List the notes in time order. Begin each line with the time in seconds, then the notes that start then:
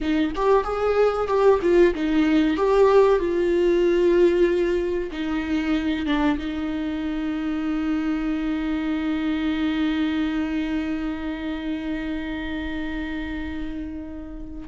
0.00 D#4
0.35 G4
0.64 G#4
1.27 G4
1.62 F4
1.94 D#4
2.56 G4
3.19 F4
5.11 D#4
6.06 D4
6.38 D#4